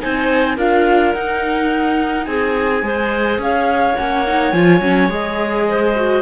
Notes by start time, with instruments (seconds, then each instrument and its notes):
0.00 cello C4, viola D#4, clarinet C5, flute G#5
0.57 cello D4, viola F4, clarinet A#4, flute F5
1.13 viola D#4, cello D#4, flute F#5
2.25 cello C4, clarinet G#4, flute G#5
2.83 cello G#3, viola G#4, clarinet C5
3.38 cello C#4, clarinet C#5, flute F5
3.96 cello A#3, viola C#4, flute F#5
4.27 viola D#4
4.52 cello F3, viola F4, flute G#5
4.81 cello F#3, viola C#4
5.09 cello G#3, viola G#4, flute D#5
5.69 clarinet C5
5.96 viola F#4